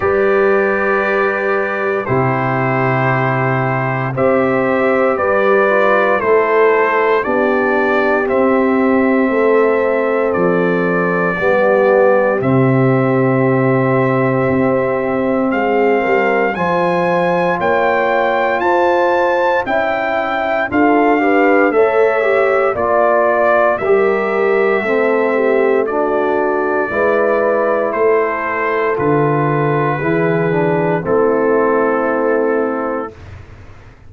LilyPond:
<<
  \new Staff \with { instrumentName = "trumpet" } { \time 4/4 \tempo 4 = 58 d''2 c''2 | e''4 d''4 c''4 d''4 | e''2 d''2 | e''2. f''4 |
gis''4 g''4 a''4 g''4 | f''4 e''4 d''4 e''4~ | e''4 d''2 c''4 | b'2 a'2 | }
  \new Staff \with { instrumentName = "horn" } { \time 4/4 b'2 g'2 | c''4 b'4 a'4 g'4~ | g'4 a'2 g'4~ | g'2. gis'8 ais'8 |
c''4 cis''4 c''4 e''4 | a'8 b'8 cis''4 d''4 ais'4 | a'8 g'8 fis'4 b'4 a'4~ | a'4 gis'4 e'2 | }
  \new Staff \with { instrumentName = "trombone" } { \time 4/4 g'2 e'2 | g'4. f'8 e'4 d'4 | c'2. b4 | c'1 |
f'2. e'4 | f'8 g'8 a'8 g'8 f'4 g'4 | c'4 d'4 e'2 | f'4 e'8 d'8 c'2 | }
  \new Staff \with { instrumentName = "tuba" } { \time 4/4 g2 c2 | c'4 g4 a4 b4 | c'4 a4 f4 g4 | c2 c'4 gis8 g8 |
f4 ais4 f'4 cis'4 | d'4 a4 ais4 g4 | a2 gis4 a4 | d4 e4 a2 | }
>>